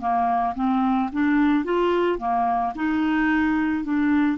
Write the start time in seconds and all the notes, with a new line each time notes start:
0.00 A#3
0.56 C4
1.13 D4
1.65 F4
2.19 A#3
2.75 D#4
3.84 D4